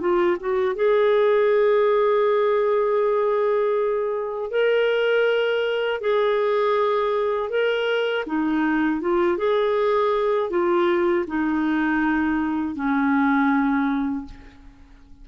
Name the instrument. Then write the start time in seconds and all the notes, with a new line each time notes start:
clarinet
0.00 F4
0.41 F#4
0.76 G#4
4.51 A#4
6.01 G#4
7.50 A#4
8.27 D#4
9.01 F4
9.38 G#4
10.50 F4
11.27 D#4
12.76 C#4